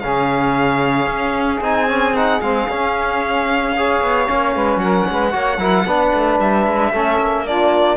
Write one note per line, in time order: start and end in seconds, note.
0.00 1.07 C#3
0.00 1.62 C#4
0.00 3.75 G#4
0.00 1.59 F5
1.07 1.60 C#4
1.61 2.40 C4
1.61 1.89 D#4
1.61 2.16 G#5
1.89 2.15 C#4
2.15 2.42 D#4
2.15 2.41 F#5
2.41 2.68 G#3
2.41 2.69 C4
2.41 4.79 F5
2.69 4.01 C#4
2.69 3.76 C#4
3.76 4.27 G#4
3.76 4.55 C#5
4.01 4.28 B3
4.27 4.56 A#3
4.27 5.32 C#4
4.55 4.77 G#3
4.55 4.81 B4
4.77 5.04 F#3
4.77 5.10 A#4
4.77 6.38 F#5
5.10 5.35 G#3
5.10 5.33 B4
5.32 5.58 A#3
5.32 5.59 F#4
5.32 5.58 C#5
5.58 5.85 F#3
5.58 5.87 E4
5.58 5.85 A#4
5.86 6.13 B3
5.86 6.94 D4
5.86 6.91 B4
6.14 6.40 A3
6.40 6.67 G3
6.40 7.47 E5
6.67 6.93 G#3
6.91 7.20 A3
6.91 7.48 C#4
6.91 7.44 A4
7.20 7.98 A#3
7.47 7.98 D4
7.47 7.98 F4
7.47 7.98 D5